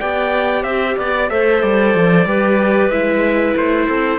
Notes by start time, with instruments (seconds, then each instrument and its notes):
0.00 cello B3, viola G4, clarinet D5, trumpet G5
0.63 cello C4, clarinet C5, trumpet E5
0.97 cello B3, clarinet D5, trumpet D5
1.30 cello A3, viola A4, clarinet C5, trumpet E5
1.62 cello G3, trumpet D5
1.95 cello F3
2.26 cello G3, viola G4, clarinet B4
2.90 cello G#3, viola E4, trumpet E5
3.56 cello A3, trumpet C5
3.87 cello C4, clarinet A4